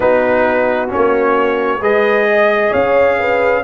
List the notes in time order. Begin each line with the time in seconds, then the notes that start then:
0.00 B3 D#4 F#4 B4
0.88 C#4 C#5
0.94 A#3
1.80 G#3 G#4 B4 D#5
2.29 D#5
2.70 C#4 C#5 F5
3.18 B4